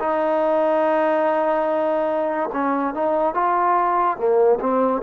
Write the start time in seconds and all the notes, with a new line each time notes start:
0.00 D#4
2.53 C#4
2.94 D#4
3.34 F4
4.17 A#3
4.60 C4